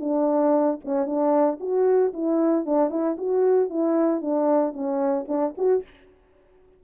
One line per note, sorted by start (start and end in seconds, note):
0.00 0.79 D4
0.84 1.06 C#4
1.06 1.58 D4
1.60 2.12 F#4
2.13 2.66 E4
2.66 2.90 D4
2.90 3.16 E4
3.17 3.69 F#4
3.69 4.21 E4
4.21 4.73 D4
4.73 5.25 C#4
5.28 5.54 D4
5.57 5.83 F#4